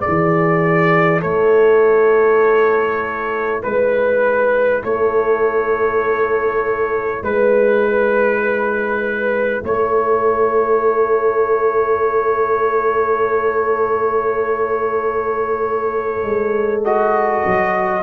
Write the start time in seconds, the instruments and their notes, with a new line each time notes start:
0.00 trombone E4, horn G#4, trumpet D5
0.07 tuba E3
1.21 tuba A3, horn A4, trumpet C#5
3.62 tuba G#3, horn B4, trumpet B4
4.83 tuba A3, horn A4, trumpet C#5
7.22 tuba G#3, trumpet B4, horn B4
9.63 tuba A3, horn A4, trumpet C#5
16.23 tuba G#3
16.84 trombone F#4, trumpet D#5
17.46 tuba F#3